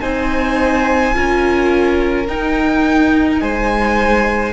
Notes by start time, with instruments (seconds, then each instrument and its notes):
0.00 cello C4, viola D#4, violin C5 G#5
1.14 cello C#4, viola F4, violin A#4
2.28 cello D#4, viola D#4, violin G5
3.40 cello G#3, violin C5 G#5